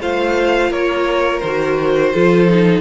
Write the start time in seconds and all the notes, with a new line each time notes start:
0.00 A3 F4 C5 F5
0.70 A#3 A#4 C#5
1.40 D#3 C5
1.46 F#4
2.14 F3 F4 A4
2.48 D#4